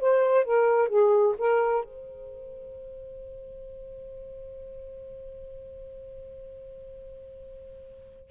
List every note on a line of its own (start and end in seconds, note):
0.00 0.44 C5
0.44 0.89 A#4
0.89 1.35 G#4
1.38 1.84 A#4
1.84 8.30 C5